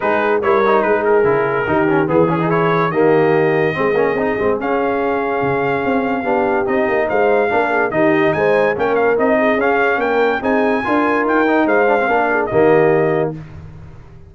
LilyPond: <<
  \new Staff \with { instrumentName = "trumpet" } { \time 4/4 \tempo 4 = 144 b'4 cis''4 b'8 ais'4.~ | ais'4 gis'4 cis''4 dis''4~ | dis''2. f''4~ | f''1 |
dis''4 f''2 dis''4 | gis''4 g''8 f''8 dis''4 f''4 | g''4 gis''2 g''4 | f''2 dis''2 | }
  \new Staff \with { instrumentName = "horn" } { \time 4/4 gis'4 ais'4 gis'2 | g'4 gis'2 g'4~ | g'4 gis'2.~ | gis'2. g'4~ |
g'4 c''4 ais'8 gis'8 g'4 | c''4 ais'4. gis'4. | ais'4 gis'4 ais'2 | c''4 ais'8 gis'8 g'2 | }
  \new Staff \with { instrumentName = "trombone" } { \time 4/4 dis'4 e'8 dis'4. e'4 | dis'8 cis'8 b8 cis'16 dis'16 e'4 ais4~ | ais4 c'8 cis'8 dis'8 c'8 cis'4~ | cis'2. d'4 |
dis'2 d'4 dis'4~ | dis'4 cis'4 dis'4 cis'4~ | cis'4 dis'4 f'4. dis'8~ | dis'8 d'16 c'16 d'4 ais2 | }
  \new Staff \with { instrumentName = "tuba" } { \time 4/4 gis4 g4 gis4 cis4 | dis4 e2 dis4~ | dis4 gis8 ais8 c'8 gis8 cis'4~ | cis'4 cis4 c'4 b4 |
c'8 ais8 gis4 ais4 dis4 | gis4 ais4 c'4 cis'4 | ais4 c'4 d'4 dis'4 | gis4 ais4 dis2 | }
>>